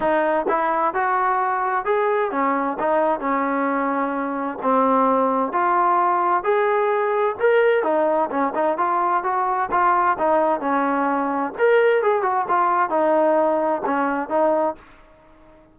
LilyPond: \new Staff \with { instrumentName = "trombone" } { \time 4/4 \tempo 4 = 130 dis'4 e'4 fis'2 | gis'4 cis'4 dis'4 cis'4~ | cis'2 c'2 | f'2 gis'2 |
ais'4 dis'4 cis'8 dis'8 f'4 | fis'4 f'4 dis'4 cis'4~ | cis'4 ais'4 gis'8 fis'8 f'4 | dis'2 cis'4 dis'4 | }